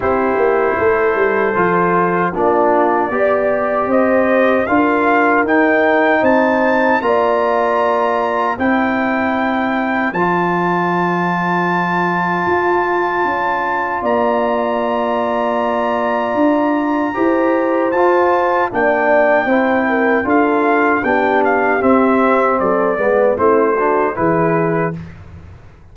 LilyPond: <<
  \new Staff \with { instrumentName = "trumpet" } { \time 4/4 \tempo 4 = 77 c''2. d''4~ | d''4 dis''4 f''4 g''4 | a''4 ais''2 g''4~ | g''4 a''2.~ |
a''2 ais''2~ | ais''2. a''4 | g''2 f''4 g''8 f''8 | e''4 d''4 c''4 b'4 | }
  \new Staff \with { instrumentName = "horn" } { \time 4/4 g'4 a'2 f'4 | d''4 c''4 ais'2 | c''4 d''2 c''4~ | c''1~ |
c''2 d''2~ | d''2 c''2 | d''4 c''8 ais'8 a'4 g'4~ | g'4 a'8 b'8 e'8 fis'8 gis'4 | }
  \new Staff \with { instrumentName = "trombone" } { \time 4/4 e'2 f'4 d'4 | g'2 f'4 dis'4~ | dis'4 f'2 e'4~ | e'4 f'2.~ |
f'1~ | f'2 g'4 f'4 | d'4 e'4 f'4 d'4 | c'4. b8 c'8 d'8 e'4 | }
  \new Staff \with { instrumentName = "tuba" } { \time 4/4 c'8 ais8 a8 g8 f4 ais4 | b4 c'4 d'4 dis'4 | c'4 ais2 c'4~ | c'4 f2. |
f'4 cis'4 ais2~ | ais4 d'4 e'4 f'4 | ais4 c'4 d'4 b4 | c'4 fis8 gis8 a4 e4 | }
>>